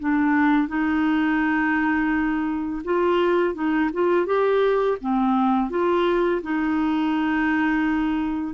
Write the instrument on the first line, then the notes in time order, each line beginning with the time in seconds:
clarinet
0.00 D4
0.69 D#4
2.85 F4
3.55 D#4
3.94 F4
4.26 G4
5.01 C4
5.70 F4
6.43 D#4